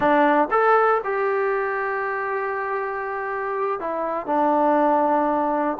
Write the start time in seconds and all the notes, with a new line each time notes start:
0.00 D4
0.50 A4
1.04 G4
3.80 E4
4.26 D4